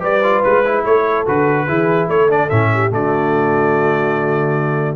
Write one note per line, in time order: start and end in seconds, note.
0.00 0.42 G3
0.00 0.21 G4
0.00 0.84 B4
0.00 0.43 D5
0.23 0.65 F4
0.43 0.85 G#3
0.43 0.85 B4
0.65 1.26 E4
0.85 1.27 A3
0.85 1.67 A4
0.85 1.27 C#5
1.26 1.69 D3
1.26 1.68 F#4
1.26 2.09 B4
1.67 2.09 E3
1.67 2.29 E4
1.67 2.09 G#4
2.09 2.50 A3
2.09 2.72 A4
2.09 2.30 C#5
2.29 2.50 D4
2.29 2.50 D5
2.50 2.92 A2
2.50 2.91 C#4
2.50 2.91 E5
2.74 2.94 G4
2.91 4.96 D3
2.91 4.96 A3
2.91 4.96 F#4
2.91 4.96 D5